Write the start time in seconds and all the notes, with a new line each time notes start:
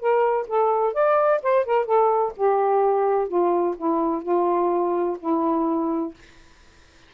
0.00 A#4
0.47 A4
0.94 D5
1.43 C5
1.66 A#4
1.86 A4
2.37 G4
3.28 F4
3.77 E4
4.23 F4
5.20 E4